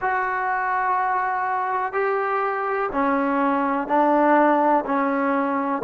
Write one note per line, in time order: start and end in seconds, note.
0.00 1.92 F#4
1.92 2.89 G4
2.92 3.87 C#4
3.87 4.84 D4
4.85 5.82 C#4